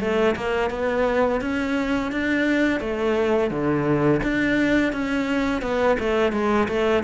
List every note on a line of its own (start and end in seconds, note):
0.00 0.35 A3
0.36 0.70 A#3
0.70 1.41 B3
1.41 2.11 C#4
2.11 2.80 D4
2.80 3.50 A3
3.50 4.21 D3
4.23 4.93 D4
4.93 5.61 C#4
5.61 5.97 B3
5.99 6.32 A3
6.32 6.67 G#3
6.68 7.03 A3